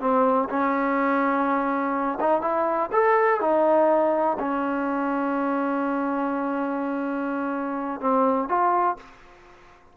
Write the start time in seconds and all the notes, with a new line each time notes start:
0.00 C4
0.49 C#4
2.20 D#4
2.41 E4
2.92 A4
3.40 D#4
4.39 C#4
8.00 C4
8.48 F4